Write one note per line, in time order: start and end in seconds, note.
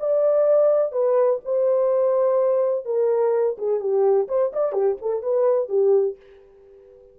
0.00 0.92 D5
0.92 1.40 B4
1.45 2.86 C5
2.86 3.57 A#4
3.58 3.80 G#4
3.80 4.28 G4
4.29 4.52 C5
4.53 4.73 D5
4.73 4.97 G4
5.02 5.23 A4
5.23 5.69 B4
5.69 6.17 G4